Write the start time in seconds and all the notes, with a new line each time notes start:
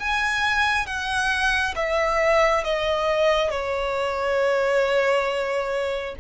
0.00 G#5
0.87 F#5
1.76 E5
2.64 D#5
3.51 C#5